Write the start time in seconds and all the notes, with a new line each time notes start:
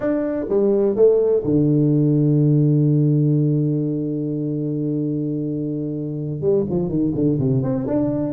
0.00 D4
0.49 G3
0.95 A3
1.44 D3
6.40 G3
6.69 F3
6.88 D#3
7.14 D3
7.39 C3
7.62 C4
7.86 D4